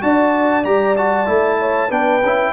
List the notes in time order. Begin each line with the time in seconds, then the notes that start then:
0.00 D4 F#4 D5 A5
0.64 G3 G4 A#5
0.97 F#4 A5
1.26 A3 E4
1.60 C#5
1.89 B3 D4 B4 G5
2.23 C#4 E4